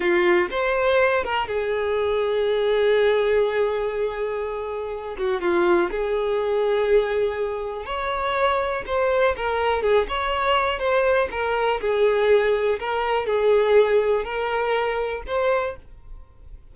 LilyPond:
\new Staff \with { instrumentName = "violin" } { \time 4/4 \tempo 4 = 122 f'4 c''4. ais'8 gis'4~ | gis'1~ | gis'2~ gis'8 fis'8 f'4 | gis'1 |
cis''2 c''4 ais'4 | gis'8 cis''4. c''4 ais'4 | gis'2 ais'4 gis'4~ | gis'4 ais'2 c''4 | }